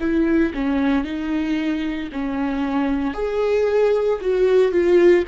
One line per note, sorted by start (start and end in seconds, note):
0.00 0.53 E4
0.54 1.04 C#4
1.04 2.10 D#4
2.12 3.14 C#4
3.14 4.19 G#4
4.21 4.71 F#4
4.71 5.24 F4